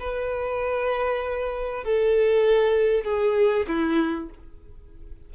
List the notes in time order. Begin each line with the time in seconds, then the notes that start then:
0.00 B4
1.84 A4
3.04 G#4
3.68 E4